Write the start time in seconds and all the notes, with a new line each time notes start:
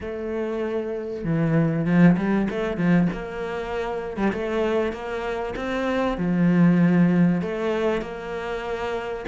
0.01 A3
1.24 E3
1.85 F3
2.16 G3
2.50 A3
2.77 F3
3.12 A#3
4.16 G3
4.32 A3
4.92 A#3
5.55 C4
6.17 F3
7.41 A3
8.01 A#3